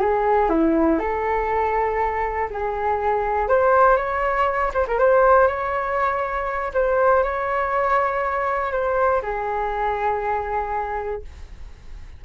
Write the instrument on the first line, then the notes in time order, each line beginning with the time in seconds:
flute
0.00 G#4
0.49 E4
0.99 A4
2.50 G#4
3.48 C5
3.96 C#5
4.73 C5
4.87 A#4
4.98 C5
5.47 C#5
6.73 C5
7.23 C#5
8.71 C5
9.22 G#4